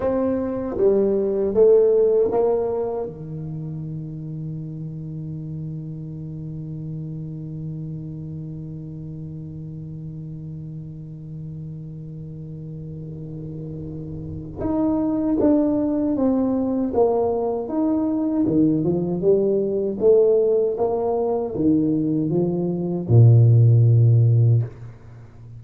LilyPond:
\new Staff \with { instrumentName = "tuba" } { \time 4/4 \tempo 4 = 78 c'4 g4 a4 ais4 | dis1~ | dis1~ | dis1~ |
dis2. dis'4 | d'4 c'4 ais4 dis'4 | dis8 f8 g4 a4 ais4 | dis4 f4 ais,2 | }